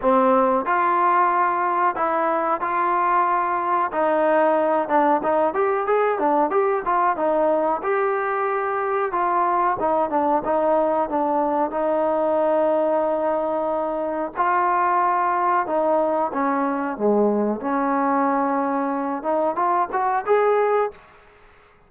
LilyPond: \new Staff \with { instrumentName = "trombone" } { \time 4/4 \tempo 4 = 92 c'4 f'2 e'4 | f'2 dis'4. d'8 | dis'8 g'8 gis'8 d'8 g'8 f'8 dis'4 | g'2 f'4 dis'8 d'8 |
dis'4 d'4 dis'2~ | dis'2 f'2 | dis'4 cis'4 gis4 cis'4~ | cis'4. dis'8 f'8 fis'8 gis'4 | }